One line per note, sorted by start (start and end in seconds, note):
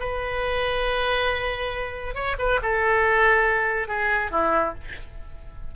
0.00 2.15 B4
2.15 2.36 C#5
2.39 2.60 B4
2.62 3.88 A4
3.88 4.31 G#4
4.31 4.74 E4